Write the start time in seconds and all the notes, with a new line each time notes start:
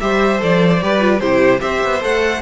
0.00 G3 G4 C5 E5
0.38 F3 A4 D5
0.82 G3 G4 B4
1.00 F4
1.19 C3 E4 G4 C5
1.59 C4 G4 C5 E5
1.83 B3
2.01 A3 A4 F#5